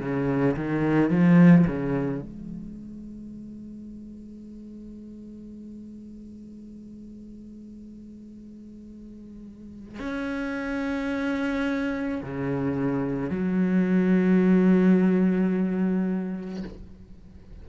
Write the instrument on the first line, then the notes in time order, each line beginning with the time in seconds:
cello
0.00 C#3
0.57 D#3
1.10 F3
1.68 C#3
2.22 G#3
9.99 C#4
12.22 C#3
13.30 F#3